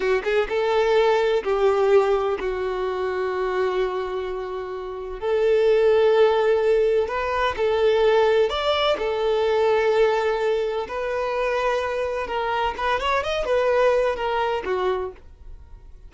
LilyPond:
\new Staff \with { instrumentName = "violin" } { \time 4/4 \tempo 4 = 127 fis'8 gis'8 a'2 g'4~ | g'4 fis'2.~ | fis'2. a'4~ | a'2. b'4 |
a'2 d''4 a'4~ | a'2. b'4~ | b'2 ais'4 b'8 cis''8 | dis''8 b'4. ais'4 fis'4 | }